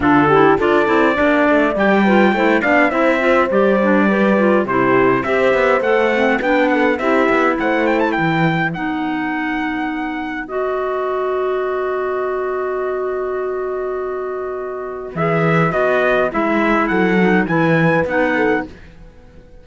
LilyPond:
<<
  \new Staff \with { instrumentName = "trumpet" } { \time 4/4 \tempo 4 = 103 a'4 d''2 g''4~ | g''8 f''8 e''4 d''2 | c''4 e''4 fis''4 g''8 fis''8 | e''4 fis''8 g''16 a''16 g''4 fis''4~ |
fis''2 dis''2~ | dis''1~ | dis''2 e''4 dis''4 | e''4 fis''4 gis''4 fis''4 | }
  \new Staff \with { instrumentName = "horn" } { \time 4/4 f'8 g'8 a'4 d''4. b'8 | c''8 d''8 c''2 b'4 | g'4 c''2 b'8 a'8 | g'4 c''4 b'2~ |
b'1~ | b'1~ | b'1~ | b'4 a'4 b'4. a'8 | }
  \new Staff \with { instrumentName = "clarinet" } { \time 4/4 d'8 e'8 f'8 e'8 d'4 g'8 f'8 | e'8 d'8 e'8 f'8 g'8 d'8 g'8 f'8 | e'4 g'4 a'8 c'8 d'4 | e'2. dis'4~ |
dis'2 fis'2~ | fis'1~ | fis'2 gis'4 fis'4 | e'4. dis'8 e'4 dis'4 | }
  \new Staff \with { instrumentName = "cello" } { \time 4/4 d4 d'8 c'8 ais8 a8 g4 | a8 b8 c'4 g2 | c4 c'8 b8 a4 b4 | c'8 b8 a4 e4 b4~ |
b1~ | b1~ | b2 e4 b4 | gis4 fis4 e4 b4 | }
>>